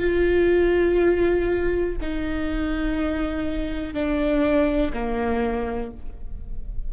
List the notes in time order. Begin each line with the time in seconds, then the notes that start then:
0.00 F4
2.01 D#4
3.93 D4
4.93 A#3